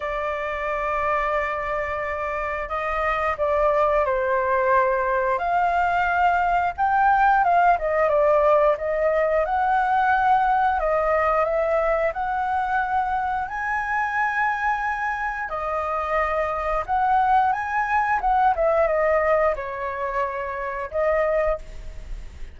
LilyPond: \new Staff \with { instrumentName = "flute" } { \time 4/4 \tempo 4 = 89 d''1 | dis''4 d''4 c''2 | f''2 g''4 f''8 dis''8 | d''4 dis''4 fis''2 |
dis''4 e''4 fis''2 | gis''2. dis''4~ | dis''4 fis''4 gis''4 fis''8 e''8 | dis''4 cis''2 dis''4 | }